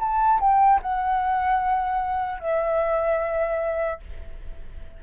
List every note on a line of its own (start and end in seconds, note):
0.00 0.40 A5
0.40 0.80 G5
0.82 2.40 F#5
2.40 4.00 E5